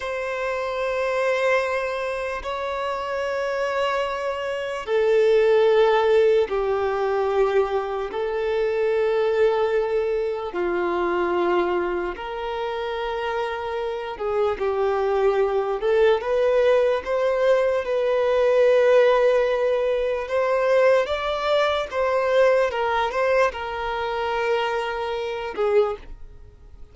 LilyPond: \new Staff \with { instrumentName = "violin" } { \time 4/4 \tempo 4 = 74 c''2. cis''4~ | cis''2 a'2 | g'2 a'2~ | a'4 f'2 ais'4~ |
ais'4. gis'8 g'4. a'8 | b'4 c''4 b'2~ | b'4 c''4 d''4 c''4 | ais'8 c''8 ais'2~ ais'8 gis'8 | }